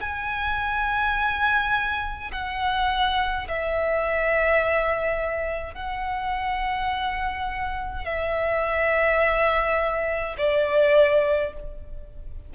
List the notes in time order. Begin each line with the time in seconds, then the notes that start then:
0.00 G#5
2.31 F#5
3.48 E5
5.74 F#5
8.05 E5
10.37 D5